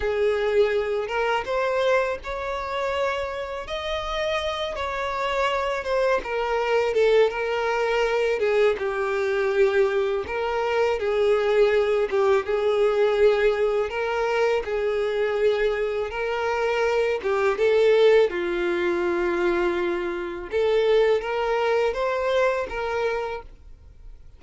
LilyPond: \new Staff \with { instrumentName = "violin" } { \time 4/4 \tempo 4 = 82 gis'4. ais'8 c''4 cis''4~ | cis''4 dis''4. cis''4. | c''8 ais'4 a'8 ais'4. gis'8 | g'2 ais'4 gis'4~ |
gis'8 g'8 gis'2 ais'4 | gis'2 ais'4. g'8 | a'4 f'2. | a'4 ais'4 c''4 ais'4 | }